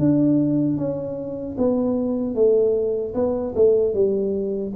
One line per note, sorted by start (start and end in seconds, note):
0.00 0.78 D4
0.78 1.56 C#4
1.58 2.35 B3
2.35 3.14 A3
3.15 3.54 B3
3.56 3.94 A3
3.94 4.73 G3